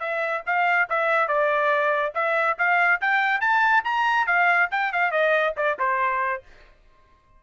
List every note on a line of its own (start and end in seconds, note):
0.00 0.43 E5
0.46 0.89 F5
0.90 1.28 E5
1.28 2.13 D5
2.15 2.57 E5
2.58 3.01 F5
3.01 3.41 G5
3.41 3.84 A5
3.84 4.27 A#5
4.27 4.69 F5
4.71 4.93 G5
4.93 5.12 F5
5.12 5.54 D#5
5.57 5.78 D5
5.79 6.43 C5